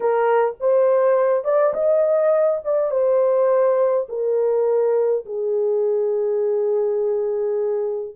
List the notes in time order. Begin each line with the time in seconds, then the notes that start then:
0.00 A#4
0.60 C5
1.44 D5
1.73 D#5
2.64 D5
2.90 C5
4.08 A#4
5.25 G#4